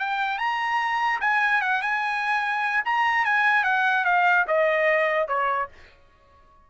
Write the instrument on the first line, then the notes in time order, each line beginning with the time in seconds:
trumpet
0.00 G5
0.39 A#5
1.21 G#5
1.62 F#5
1.82 G#5
2.85 A#5
3.26 G#5
3.64 F#5
4.05 F5
4.48 D#5
5.28 C#5